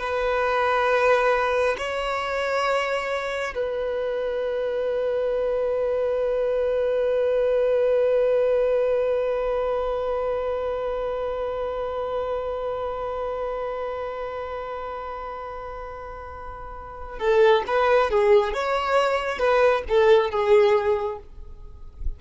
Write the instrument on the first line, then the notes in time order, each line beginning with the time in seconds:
violin
0.00 B4
1.78 C#5
3.55 B4
17.19 A4
17.67 B4
18.10 G#4
18.54 C#5
19.39 B4
19.89 A4
20.31 G#4